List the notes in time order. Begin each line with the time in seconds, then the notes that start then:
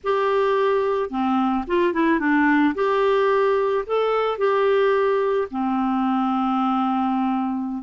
0.03 G4
1.09 C4
1.67 F4
1.93 E4
2.19 D4
2.74 G4
3.86 A4
4.38 G4
5.50 C4